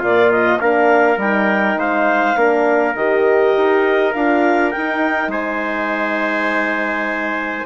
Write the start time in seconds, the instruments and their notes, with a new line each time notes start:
0.00 bassoon A#2, horn A#3, trumpet F4, clarinet D5
0.32 clarinet D#5
0.60 bassoon A#3, horn D4, trumpet A#4, clarinet F5
1.17 bassoon G3, horn D#4, clarinet G5
1.77 bassoon G#3, trumpet C5, clarinet F5
2.36 bassoon A#3, horn D4, trumpet A#4
2.95 bassoon D#3, horn G4, clarinet D#5
3.58 bassoon D#4
4.13 bassoon D4, horn F4, clarinet F5
4.71 horn D#4, clarinet G5
4.77 bassoon D#4
5.28 bassoon G#3, trumpet C5, clarinet G#5